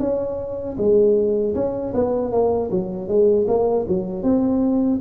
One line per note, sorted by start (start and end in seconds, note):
0.00 0.77 C#4
0.78 1.55 G#3
1.55 1.94 C#4
1.94 2.32 B3
2.32 2.71 A#3
2.71 3.09 F#3
3.09 3.47 G#3
3.48 3.87 A#3
3.88 4.23 F#3
4.23 5.00 C4